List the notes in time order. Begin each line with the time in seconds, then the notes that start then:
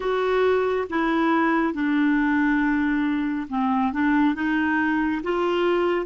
0.00 F#4
0.89 E4
1.73 D4
3.49 C4
3.92 D4
4.34 D#4
5.23 F4